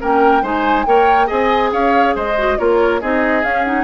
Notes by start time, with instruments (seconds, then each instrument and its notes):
0.00 bassoon A#3, clarinet C#4, oboe A#4, flute G5
0.42 bassoon G#3, clarinet D#4, oboe C5, flute G#5
0.85 bassoon A#3, clarinet A#4, oboe C#5, flute G5
1.26 bassoon C4, clarinet G#4, oboe D#5, flute G#5
1.72 bassoon C#4, oboe C#5, flute F5
2.15 bassoon G#3, oboe C5, flute D#5
2.37 clarinet F#4
2.57 bassoon A#3, clarinet F4, oboe A#4, flute C#5
3.00 bassoon C4, clarinet D#4, oboe G#4, flute D#5
3.42 clarinet C#4, bassoon C#4, flute F5
3.63 clarinet D#4, flute F#5